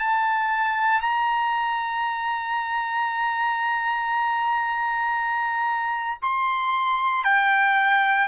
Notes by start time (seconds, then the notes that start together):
0.00 A5
1.01 A#5
6.22 C6
7.25 G5